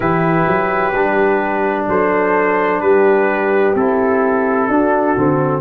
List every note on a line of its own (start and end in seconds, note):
0.00 0.46 E3
0.00 0.93 E4
0.00 1.88 G4
0.00 1.85 B4
0.47 0.93 F#3
0.93 1.87 G3
0.93 3.76 D4
1.88 2.81 F#3
1.88 2.82 A4
1.88 2.80 C5
2.80 3.74 G3
2.80 4.68 G4
2.80 3.74 B4
3.74 4.68 C4
3.74 4.70 E4
3.74 5.61 A4
4.68 5.15 D4
4.68 5.16 D4
4.68 5.61 F#4
5.16 5.61 D3
5.16 5.61 C4